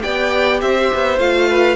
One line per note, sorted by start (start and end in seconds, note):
0.00 0.62 B3
0.00 1.17 G4
0.00 0.62 D5
0.00 0.60 G5
0.61 0.91 C4
0.61 1.49 C5
0.61 1.19 E5
0.94 1.19 B3
1.19 1.76 A3
1.19 1.76 F4
1.19 1.76 F5
1.49 1.76 B4